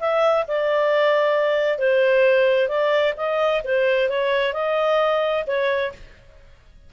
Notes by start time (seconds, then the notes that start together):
0.00 E5
0.48 D5
1.79 C5
2.68 D5
3.17 D#5
3.64 C5
4.09 C#5
4.54 D#5
5.47 C#5